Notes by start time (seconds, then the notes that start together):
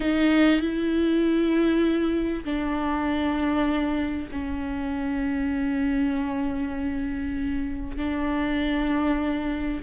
0.00 D#4
0.60 E4
2.44 D4
4.31 C#4
7.96 D4